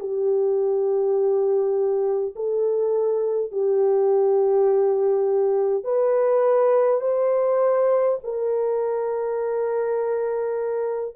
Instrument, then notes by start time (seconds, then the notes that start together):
horn
0.00 G4
2.36 A4
3.52 G4
5.84 B4
7.01 C5
8.24 A#4